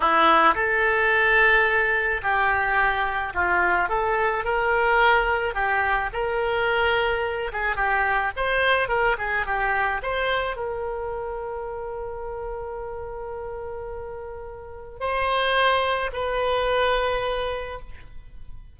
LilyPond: \new Staff \with { instrumentName = "oboe" } { \time 4/4 \tempo 4 = 108 e'4 a'2. | g'2 f'4 a'4 | ais'2 g'4 ais'4~ | ais'4. gis'8 g'4 c''4 |
ais'8 gis'8 g'4 c''4 ais'4~ | ais'1~ | ais'2. c''4~ | c''4 b'2. | }